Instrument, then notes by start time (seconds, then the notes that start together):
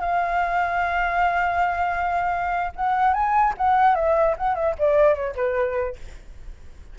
flute
0.00 F5
2.75 F#5
3.13 G#5
3.57 F#5
3.95 E5
4.37 F#5
4.55 E5
4.78 D5
5.15 C#5
5.35 B4